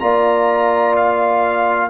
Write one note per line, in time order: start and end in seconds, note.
0.00 1.90 A#3
0.00 1.90 F4
0.00 1.90 D5
0.00 0.95 A#5
0.97 1.90 F5